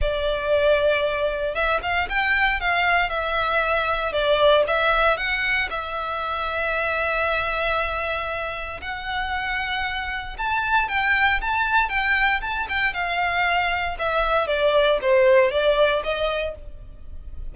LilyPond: \new Staff \with { instrumentName = "violin" } { \time 4/4 \tempo 4 = 116 d''2. e''8 f''8 | g''4 f''4 e''2 | d''4 e''4 fis''4 e''4~ | e''1~ |
e''4 fis''2. | a''4 g''4 a''4 g''4 | a''8 g''8 f''2 e''4 | d''4 c''4 d''4 dis''4 | }